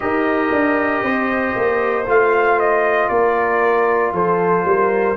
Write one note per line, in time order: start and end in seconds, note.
0.00 0.51 D#4
0.00 2.04 G4
0.00 1.04 A#4
0.00 2.06 D#5
0.51 1.02 D4
1.02 1.54 C4
1.02 3.11 C5
1.55 2.06 A#3
2.06 3.09 A3
2.06 5.16 F4
2.06 2.59 F5
2.59 3.08 D#5
3.08 4.12 A#3
3.08 4.13 A#4
3.08 4.12 D5
4.12 4.64 F3
4.12 4.65 A4
4.12 5.16 C5
4.64 5.16 G3
4.64 5.16 A#4